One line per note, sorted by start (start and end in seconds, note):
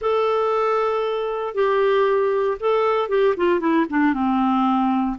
0.01 1.54 A4
1.54 2.57 G4
2.60 3.08 A4
3.08 3.34 G4
3.36 3.59 F4
3.59 3.85 E4
3.89 4.13 D4
4.13 5.17 C4